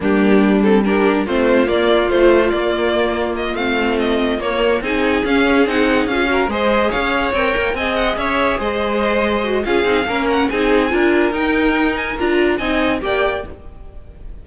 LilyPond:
<<
  \new Staff \with { instrumentName = "violin" } { \time 4/4 \tempo 4 = 143 g'4. a'8 ais'4 c''4 | d''4 c''4 d''2 | dis''8 f''4 dis''4 cis''4 gis''8~ | gis''8 f''4 fis''4 f''4 dis''8~ |
dis''8 f''4 g''4 gis''8 fis''8 e''8~ | e''8 dis''2~ dis''8 f''4~ | f''8 fis''8 gis''2 g''4~ | g''8 gis''8 ais''4 gis''4 g''4 | }
  \new Staff \with { instrumentName = "violin" } { \time 4/4 d'2 g'4 f'4~ | f'1~ | f'2.~ f'8 gis'8~ | gis'2. ais'8 c''8~ |
c''8 cis''2 dis''4 cis''8~ | cis''8 c''2~ c''8 gis'4 | ais'4 gis'4 ais'2~ | ais'2 dis''4 d''4 | }
  \new Staff \with { instrumentName = "viola" } { \time 4/4 ais4. c'8 d'4 c'4 | ais4 f4 ais2~ | ais8 c'2 ais4 dis'8~ | dis'8 cis'4 dis'4 f'8 fis'8 gis'8~ |
gis'4. ais'4 gis'4.~ | gis'2~ gis'8 fis'8 f'8 dis'8 | cis'4 dis'4 f'4 dis'4~ | dis'4 f'4 dis'4 g'4 | }
  \new Staff \with { instrumentName = "cello" } { \time 4/4 g2. a4 | ais4 a4 ais2~ | ais8 a2 ais4 c'8~ | c'8 cis'4 c'4 cis'4 gis8~ |
gis8 cis'4 c'8 ais8 c'4 cis'8~ | cis'8 gis2~ gis8 cis'8 c'8 | ais4 c'4 d'4 dis'4~ | dis'4 d'4 c'4 ais4 | }
>>